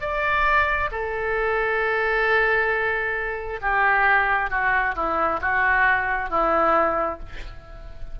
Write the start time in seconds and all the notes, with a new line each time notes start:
0.00 D5
0.91 A4
3.61 G4
4.50 F#4
4.95 E4
5.41 F#4
6.29 E4